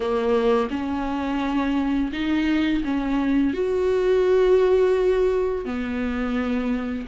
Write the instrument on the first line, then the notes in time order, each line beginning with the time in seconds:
viola
0.00 A#3
0.70 C#4
2.12 D#4
2.84 C#4
3.53 F#4
5.65 B3